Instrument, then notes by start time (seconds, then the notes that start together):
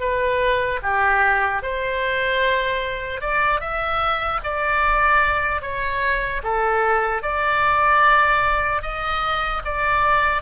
oboe
0.00 B4
0.82 G4
1.62 C5
3.20 D5
3.60 E5
4.44 D5
5.61 C#5
6.43 A4
7.22 D5
8.82 D#5
9.64 D5